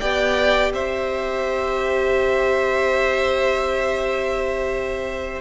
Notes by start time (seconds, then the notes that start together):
0.00 B3 G4 D5 G5
0.74 C4 C5 E5